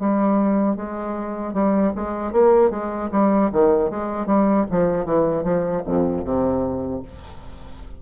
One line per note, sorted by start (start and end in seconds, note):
0.00 0.77 G3
0.77 1.54 G#3
1.54 1.93 G3
1.96 2.33 G#3
2.33 2.71 A#3
2.71 3.10 G#3
3.12 3.51 G3
3.53 3.91 D#3
3.91 4.27 G#3
4.27 4.66 G3
4.71 5.05 F3
5.05 5.44 E3
5.44 5.83 F3
5.86 6.25 F2
6.25 7.03 C3